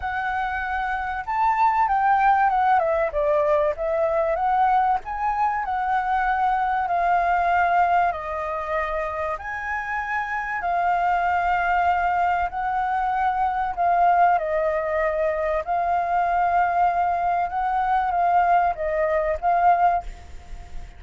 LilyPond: \new Staff \with { instrumentName = "flute" } { \time 4/4 \tempo 4 = 96 fis''2 a''4 g''4 | fis''8 e''8 d''4 e''4 fis''4 | gis''4 fis''2 f''4~ | f''4 dis''2 gis''4~ |
gis''4 f''2. | fis''2 f''4 dis''4~ | dis''4 f''2. | fis''4 f''4 dis''4 f''4 | }